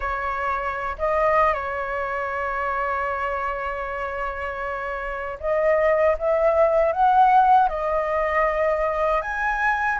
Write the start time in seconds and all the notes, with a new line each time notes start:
0.00 C#5
0.98 D#5
1.53 C#5
5.40 D#5
6.18 E5
6.92 F#5
7.69 D#5
9.21 G#5